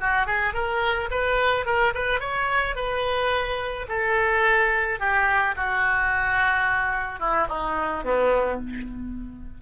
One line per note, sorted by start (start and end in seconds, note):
0.00 0.26 F#4
0.26 0.54 G#4
0.54 1.09 A#4
1.11 1.65 B4
1.65 1.93 A#4
1.94 2.20 B4
2.20 2.75 C#5
2.75 3.86 B4
3.88 4.99 A4
5.00 5.55 G4
5.56 7.19 F#4
7.19 7.47 E4
7.48 8.04 D#4
8.04 8.60 B3